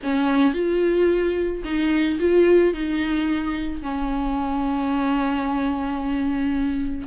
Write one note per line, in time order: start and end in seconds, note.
0.03 0.53 C#4
0.53 1.62 F4
1.64 2.18 D#4
2.19 2.73 F4
2.73 3.82 D#4
3.82 7.07 C#4